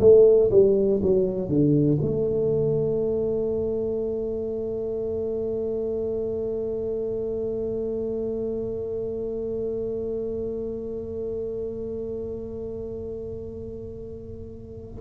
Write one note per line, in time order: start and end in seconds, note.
0.00 0.50 A3
0.50 1.00 G3
1.02 1.49 F#3
1.49 1.99 D3
2.01 15.01 A3